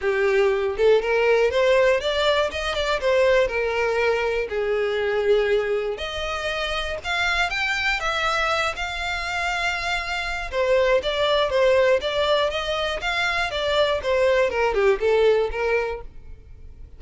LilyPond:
\new Staff \with { instrumentName = "violin" } { \time 4/4 \tempo 4 = 120 g'4. a'8 ais'4 c''4 | d''4 dis''8 d''8 c''4 ais'4~ | ais'4 gis'2. | dis''2 f''4 g''4 |
e''4. f''2~ f''8~ | f''4 c''4 d''4 c''4 | d''4 dis''4 f''4 d''4 | c''4 ais'8 g'8 a'4 ais'4 | }